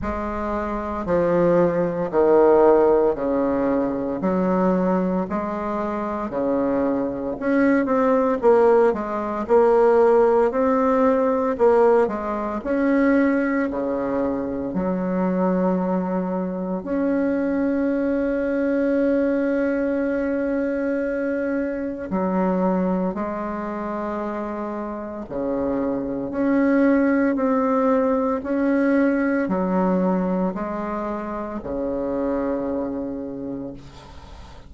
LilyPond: \new Staff \with { instrumentName = "bassoon" } { \time 4/4 \tempo 4 = 57 gis4 f4 dis4 cis4 | fis4 gis4 cis4 cis'8 c'8 | ais8 gis8 ais4 c'4 ais8 gis8 | cis'4 cis4 fis2 |
cis'1~ | cis'4 fis4 gis2 | cis4 cis'4 c'4 cis'4 | fis4 gis4 cis2 | }